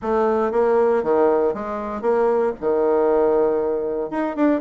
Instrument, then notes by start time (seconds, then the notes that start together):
bassoon
0.02 A3
0.51 A#3
1.03 D#3
1.54 G#3
2.01 A#3
2.60 D#3
4.10 D#4
4.36 D4